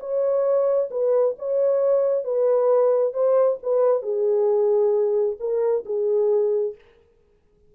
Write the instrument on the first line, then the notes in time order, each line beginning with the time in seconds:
horn
0.00 C#5
0.91 B4
1.39 C#5
2.24 B4
3.14 C5
3.63 B4
4.03 G#4
5.40 A#4
5.86 G#4